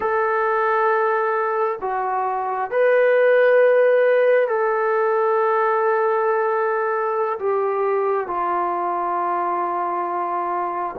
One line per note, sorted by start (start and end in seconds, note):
0.00 1.79 A4
1.81 2.70 F#4
2.70 4.47 B4
4.47 7.38 A4
7.39 8.27 G4
8.27 10.95 F4